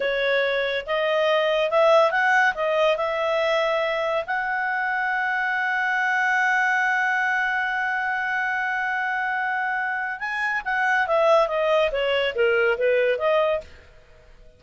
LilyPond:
\new Staff \with { instrumentName = "clarinet" } { \time 4/4 \tempo 4 = 141 cis''2 dis''2 | e''4 fis''4 dis''4 e''4~ | e''2 fis''2~ | fis''1~ |
fis''1~ | fis''1 | gis''4 fis''4 e''4 dis''4 | cis''4 ais'4 b'4 dis''4 | }